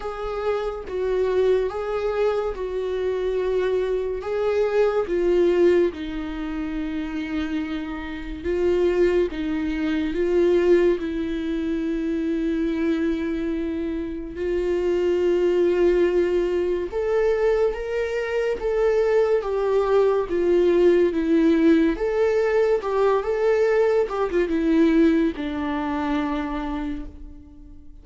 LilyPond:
\new Staff \with { instrumentName = "viola" } { \time 4/4 \tempo 4 = 71 gis'4 fis'4 gis'4 fis'4~ | fis'4 gis'4 f'4 dis'4~ | dis'2 f'4 dis'4 | f'4 e'2.~ |
e'4 f'2. | a'4 ais'4 a'4 g'4 | f'4 e'4 a'4 g'8 a'8~ | a'8 g'16 f'16 e'4 d'2 | }